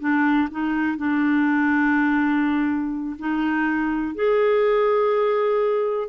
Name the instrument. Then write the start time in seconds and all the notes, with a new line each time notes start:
clarinet
0.00 D4
0.51 D#4
0.97 D4
3.19 D#4
4.15 G#4